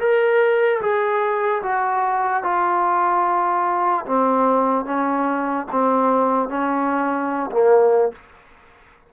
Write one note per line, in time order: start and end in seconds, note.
0.00 0.81 A#4
0.81 1.63 G#4
1.63 2.43 F#4
2.43 4.05 F4
4.06 4.85 C4
4.85 5.66 C#4
5.72 6.49 C4
6.49 7.50 C#4
7.51 8.12 A#3